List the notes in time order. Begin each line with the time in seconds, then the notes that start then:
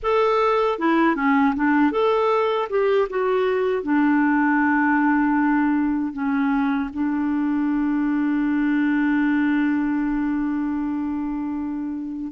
0.02 A4
0.78 E4
1.15 C#4
1.55 D4
1.91 A4
2.69 G4
3.09 F#4
3.83 D4
6.13 C#4
6.93 D4